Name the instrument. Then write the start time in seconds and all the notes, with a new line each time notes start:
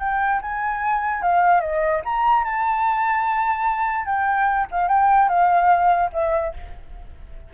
flute
0.00 G5
0.42 G#5
1.22 F5
1.61 D#5
2.05 A#5
2.44 A5
4.06 G5
4.72 F5
4.88 G5
5.29 F5
6.13 E5